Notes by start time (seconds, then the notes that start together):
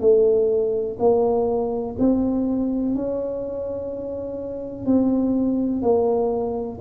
0.00 A3
0.99 A#3
1.98 C4
2.95 C#4
4.86 C4
5.82 A#3